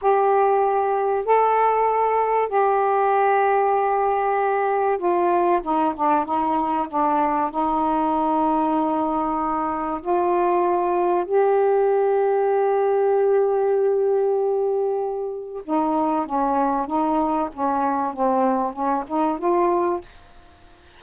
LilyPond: \new Staff \with { instrumentName = "saxophone" } { \time 4/4 \tempo 4 = 96 g'2 a'2 | g'1 | f'4 dis'8 d'8 dis'4 d'4 | dis'1 |
f'2 g'2~ | g'1~ | g'4 dis'4 cis'4 dis'4 | cis'4 c'4 cis'8 dis'8 f'4 | }